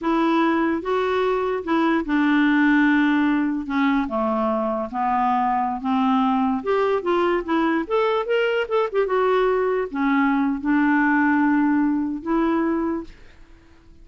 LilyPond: \new Staff \with { instrumentName = "clarinet" } { \time 4/4 \tempo 4 = 147 e'2 fis'2 | e'4 d'2.~ | d'4 cis'4 a2 | b2~ b16 c'4.~ c'16~ |
c'16 g'4 f'4 e'4 a'8.~ | a'16 ais'4 a'8 g'8 fis'4.~ fis'16~ | fis'16 cis'4.~ cis'16 d'2~ | d'2 e'2 | }